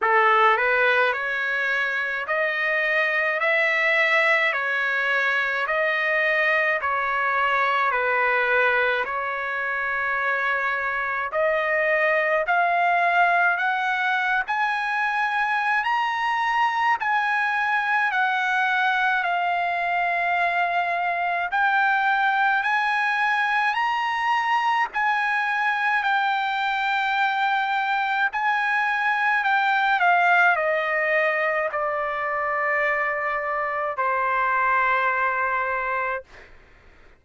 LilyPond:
\new Staff \with { instrumentName = "trumpet" } { \time 4/4 \tempo 4 = 53 a'8 b'8 cis''4 dis''4 e''4 | cis''4 dis''4 cis''4 b'4 | cis''2 dis''4 f''4 | fis''8. gis''4~ gis''16 ais''4 gis''4 |
fis''4 f''2 g''4 | gis''4 ais''4 gis''4 g''4~ | g''4 gis''4 g''8 f''8 dis''4 | d''2 c''2 | }